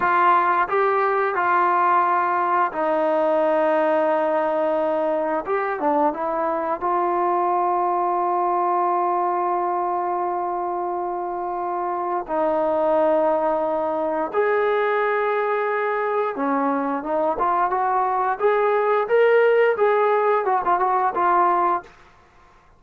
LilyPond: \new Staff \with { instrumentName = "trombone" } { \time 4/4 \tempo 4 = 88 f'4 g'4 f'2 | dis'1 | g'8 d'8 e'4 f'2~ | f'1~ |
f'2 dis'2~ | dis'4 gis'2. | cis'4 dis'8 f'8 fis'4 gis'4 | ais'4 gis'4 fis'16 f'16 fis'8 f'4 | }